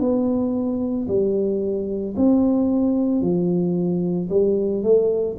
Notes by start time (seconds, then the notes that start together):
0.00 B3
1.08 G3
2.17 C4
3.22 F3
4.30 G3
4.84 A3